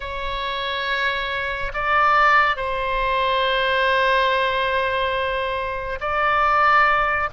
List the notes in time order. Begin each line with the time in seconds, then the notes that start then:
0.00 C#5
1.73 D5
2.56 C5
6.00 D5